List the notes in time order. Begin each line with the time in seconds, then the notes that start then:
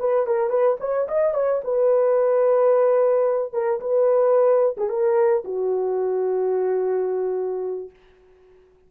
0.00 B4
0.27 A#4
0.50 B4
0.80 C#5
1.08 D#5
1.34 C#5
1.64 B4
3.53 A#4
3.81 B4
4.78 G#4
4.89 A#4
5.45 F#4